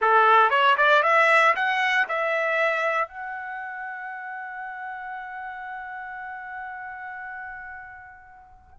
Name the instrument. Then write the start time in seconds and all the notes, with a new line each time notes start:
trumpet
0.01 A4
0.50 C#5
0.77 D5
1.03 E5
1.55 F#5
2.08 E5
3.08 F#5